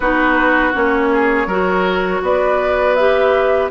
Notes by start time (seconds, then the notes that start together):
0.00 B3 D#4 F#4 B4
0.73 A#3 C#4 C#5
1.11 G#4
1.46 F#3 F#4 A#4
2.21 B3 B4 D5
2.95 G4 E5